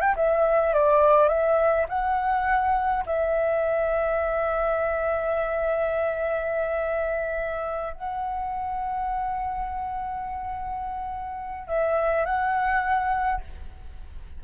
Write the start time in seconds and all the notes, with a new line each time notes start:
0.00 G5
0.16 E5
0.73 D5
1.28 E5
1.89 F#5
3.06 E5
7.94 F#5
11.68 E5
12.25 F#5